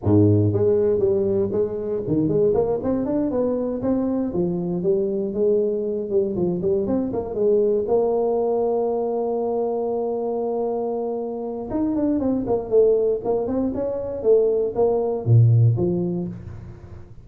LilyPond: \new Staff \with { instrumentName = "tuba" } { \time 4/4 \tempo 4 = 118 gis,4 gis4 g4 gis4 | dis8 gis8 ais8 c'8 d'8 b4 c'8~ | c'8 f4 g4 gis4. | g8 f8 g8 c'8 ais8 gis4 ais8~ |
ais1~ | ais2. dis'8 d'8 | c'8 ais8 a4 ais8 c'8 cis'4 | a4 ais4 ais,4 f4 | }